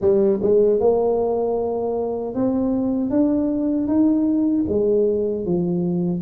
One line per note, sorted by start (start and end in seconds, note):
0.01 0.40 G3
0.42 0.80 G#3
0.80 2.34 A#3
2.34 3.10 C4
3.10 3.87 D4
3.87 4.65 D#4
4.68 5.45 G#3
5.45 6.22 F3